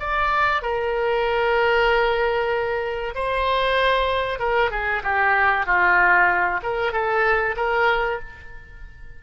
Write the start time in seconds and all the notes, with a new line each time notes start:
0.00 D5
0.62 A#4
3.15 C5
4.40 A#4
4.71 G#4
5.03 G4
5.66 F4
6.63 A#4
6.92 A4
7.56 A#4